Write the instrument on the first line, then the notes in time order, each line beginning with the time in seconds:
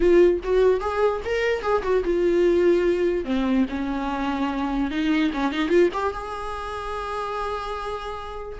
viola
0.00 F4
0.43 F#4
0.80 G#4
1.24 A#4
1.62 G#4
1.82 F#4
2.04 F4
3.24 C4
3.69 C#4
4.90 D#4
5.33 C#4
5.51 D#4
5.68 F4
5.93 G4
6.13 G#4